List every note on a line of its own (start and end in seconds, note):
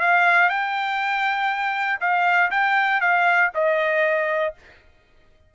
0.00 0.49 F5
0.49 1.99 G5
2.00 2.50 F5
2.51 3.00 G5
3.00 3.50 F5
3.54 4.54 D#5